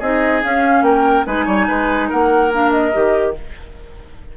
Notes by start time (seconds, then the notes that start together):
0.00 C4 D#4 G#4 D#5
0.43 C#4 F5
0.82 A#3 A#4 G5
1.26 G#3 D#4 B4 G#5
1.46 G3 C#5
1.68 G#3 B4
2.09 A#3 A#4 F#5
2.52 D4 F5
2.72 D#5
2.93 D#3 G4